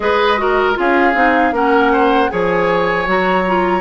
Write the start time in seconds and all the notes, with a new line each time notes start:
0.00 G#3 G#4 B4 D#5
0.37 F#4 A#4
0.74 C#4 F4 G#4 F5
1.14 C4 D#4
1.51 A#3 C#4 A#4 F#5
1.92 C5
2.29 F3 G#4 C#5 G#5
3.06 F#3 F#4 A#5
3.47 F4